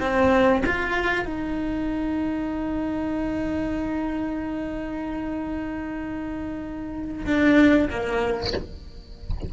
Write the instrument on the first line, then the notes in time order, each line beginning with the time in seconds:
cello
0.00 C4
0.66 F4
1.25 D#4
7.26 D4
7.90 A#3